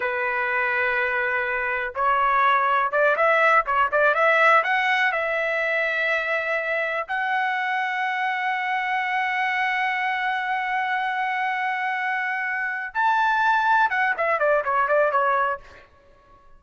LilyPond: \new Staff \with { instrumentName = "trumpet" } { \time 4/4 \tempo 4 = 123 b'1 | cis''2 d''8 e''4 cis''8 | d''8 e''4 fis''4 e''4.~ | e''2~ e''8 fis''4.~ |
fis''1~ | fis''1~ | fis''2~ fis''8 a''4.~ | a''8 fis''8 e''8 d''8 cis''8 d''8 cis''4 | }